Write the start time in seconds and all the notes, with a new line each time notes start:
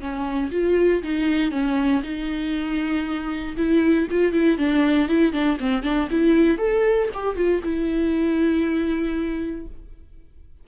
0.00 C#4
0.52 F4
1.03 D#4
1.52 C#4
2.03 D#4
3.57 E4
4.11 F4
4.33 E4
4.58 D4
5.09 E4
5.33 D4
5.60 C4
5.83 D4
6.11 E4
6.58 A4
7.14 G4
7.36 F4
7.63 E4